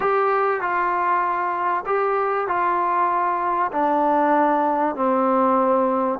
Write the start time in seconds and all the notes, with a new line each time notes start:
0.00 G4
0.60 F4
1.86 G4
2.47 F4
3.71 D4
4.95 C4